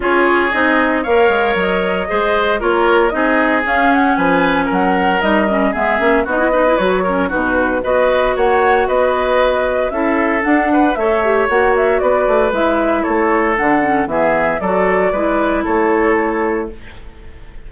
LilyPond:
<<
  \new Staff \with { instrumentName = "flute" } { \time 4/4 \tempo 4 = 115 cis''4 dis''4 f''4 dis''4~ | dis''4 cis''4 dis''4 f''8 fis''8 | gis''4 fis''4 dis''4 e''4 | dis''4 cis''4 b'4 dis''4 |
fis''4 dis''2 e''4 | fis''4 e''4 fis''8 e''8 d''4 | e''4 cis''4 fis''4 e''4 | d''2 cis''2 | }
  \new Staff \with { instrumentName = "oboe" } { \time 4/4 gis'2 cis''2 | c''4 ais'4 gis'2 | b'4 ais'2 gis'4 | fis'8 b'4 ais'8 fis'4 b'4 |
cis''4 b'2 a'4~ | a'8 b'8 cis''2 b'4~ | b'4 a'2 gis'4 | a'4 b'4 a'2 | }
  \new Staff \with { instrumentName = "clarinet" } { \time 4/4 f'4 dis'4 ais'2 | gis'4 f'4 dis'4 cis'4~ | cis'2 dis'8 cis'8 b8 cis'8 | dis'16 e'16 dis'16 e'16 fis'8 cis'8 dis'4 fis'4~ |
fis'2. e'4 | d'4 a'8 g'8 fis'2 | e'2 d'8 cis'8 b4 | fis'4 e'2. | }
  \new Staff \with { instrumentName = "bassoon" } { \time 4/4 cis'4 c'4 ais8 gis8 fis4 | gis4 ais4 c'4 cis'4 | f4 fis4 g4 gis8 ais8 | b4 fis4 b,4 b4 |
ais4 b2 cis'4 | d'4 a4 ais4 b8 a8 | gis4 a4 d4 e4 | fis4 gis4 a2 | }
>>